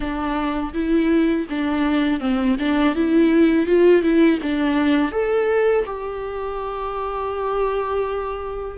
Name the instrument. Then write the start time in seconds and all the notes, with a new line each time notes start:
viola
0.00 D4
0.73 E4
1.49 D4
2.20 C4
2.59 D4
2.95 E4
3.66 F4
4.02 E4
4.42 D4
5.11 A4
5.85 G4